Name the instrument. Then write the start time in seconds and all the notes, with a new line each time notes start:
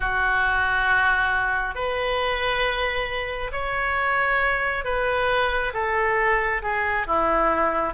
oboe
0.00 F#4
1.74 B4
3.52 C#5
4.84 B4
5.74 A4
6.62 G#4
7.06 E4